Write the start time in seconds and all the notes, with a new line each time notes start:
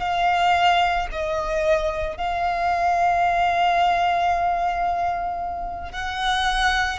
0.00 F5
1.12 D#5
2.17 F5
5.92 F#5